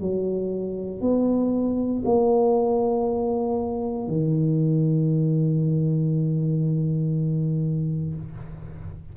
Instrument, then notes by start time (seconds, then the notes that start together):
tuba
0.00 F#3
1.01 B3
2.05 A#3
4.08 D#3